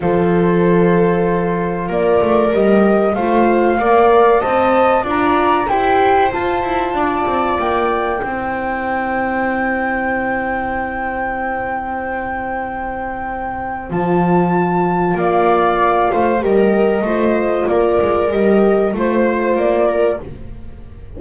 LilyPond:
<<
  \new Staff \with { instrumentName = "flute" } { \time 4/4 \tempo 4 = 95 c''2. d''4 | dis''4 f''2 a''4 | ais''4 g''4 a''2 | g''1~ |
g''1~ | g''2 a''2 | f''2 dis''2 | d''4 dis''4 c''4 d''4 | }
  \new Staff \with { instrumentName = "viola" } { \time 4/4 a'2. ais'4~ | ais'4 c''4 d''4 dis''4 | d''4 c''2 d''4~ | d''4 c''2.~ |
c''1~ | c''1 | d''4. c''8 ais'4 c''4 | ais'2 c''4. ais'8 | }
  \new Staff \with { instrumentName = "horn" } { \time 4/4 f'1 | g'4 f'4 ais'4 c''4 | f'4 g'4 f'2~ | f'4 e'2.~ |
e'1~ | e'2 f'2~ | f'2 g'4 f'4~ | f'4 g'4 f'2 | }
  \new Staff \with { instrumentName = "double bass" } { \time 4/4 f2. ais8 a8 | g4 a4 ais4 c'4 | d'4 e'4 f'8 e'8 d'8 c'8 | ais4 c'2.~ |
c'1~ | c'2 f2 | ais4. a8 g4 a4 | ais8 gis8 g4 a4 ais4 | }
>>